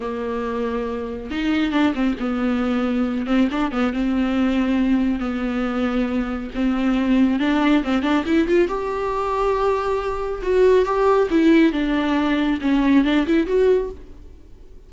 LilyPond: \new Staff \with { instrumentName = "viola" } { \time 4/4 \tempo 4 = 138 ais2. dis'4 | d'8 c'8 b2~ b8 c'8 | d'8 b8 c'2. | b2. c'4~ |
c'4 d'4 c'8 d'8 e'8 f'8 | g'1 | fis'4 g'4 e'4 d'4~ | d'4 cis'4 d'8 e'8 fis'4 | }